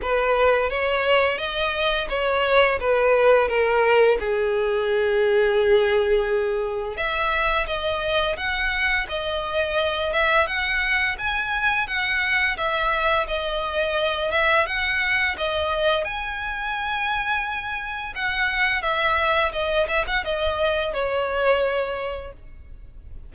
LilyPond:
\new Staff \with { instrumentName = "violin" } { \time 4/4 \tempo 4 = 86 b'4 cis''4 dis''4 cis''4 | b'4 ais'4 gis'2~ | gis'2 e''4 dis''4 | fis''4 dis''4. e''8 fis''4 |
gis''4 fis''4 e''4 dis''4~ | dis''8 e''8 fis''4 dis''4 gis''4~ | gis''2 fis''4 e''4 | dis''8 e''16 fis''16 dis''4 cis''2 | }